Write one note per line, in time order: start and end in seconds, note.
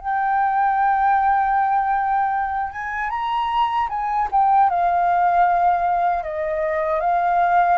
0.00 2.72 G5
2.72 3.11 G#5
3.11 3.89 A#5
3.90 4.29 G#5
4.32 4.70 G5
4.70 6.24 F5
6.24 7.01 D#5
7.01 7.79 F5